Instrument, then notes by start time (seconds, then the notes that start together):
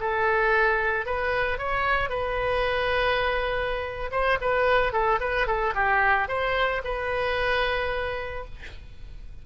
oboe
0.00 A4
1.06 B4
1.58 C#5
2.09 B4
4.12 C5
4.41 B4
4.92 A4
5.20 B4
5.47 A4
5.74 G4
6.28 C5
6.84 B4